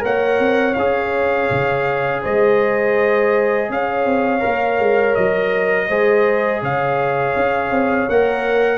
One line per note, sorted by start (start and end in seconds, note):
0.00 0.40 A#3
0.00 0.73 A#4
0.00 2.23 C#5
0.00 0.75 F#5
0.40 0.76 C4
0.75 1.51 C#4
0.75 4.40 G#4
0.75 2.21 F5
1.51 2.24 C#3
2.23 3.70 G#3
2.23 3.69 C5
2.23 3.71 D#5
3.70 4.06 C#4
3.70 5.89 C#5
3.70 5.15 F5
4.06 4.42 C4
4.40 4.80 A#3
4.40 5.87 A#4
4.80 5.16 G#3
5.15 5.89 F#3
5.15 6.62 D#5
5.89 6.62 G#3
5.89 8.10 G#4
5.89 6.62 C5
6.63 7.36 C#3
6.63 8.79 C#5
6.63 8.10 F5
7.36 7.71 C#4
7.71 8.07 C4
8.09 8.79 A#3
8.09 8.79 A#4
8.09 8.79 F#5